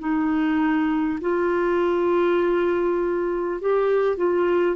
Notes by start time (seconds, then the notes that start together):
0.00 D#4
1.22 F4
3.62 G4
4.17 F4